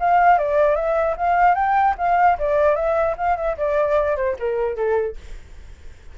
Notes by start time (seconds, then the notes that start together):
0.00 F5
0.39 D5
0.76 E5
1.17 F5
1.55 G5
1.98 F5
2.39 D5
2.75 E5
3.18 F5
3.37 E5
3.57 D5
4.16 C5
4.39 A#4
4.77 A4